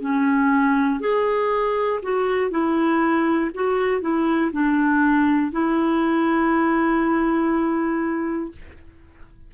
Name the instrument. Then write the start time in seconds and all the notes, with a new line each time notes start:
clarinet
0.00 C#4
1.00 G#4
2.02 F#4
2.50 E4
3.54 F#4
4.01 E4
4.52 D4
5.52 E4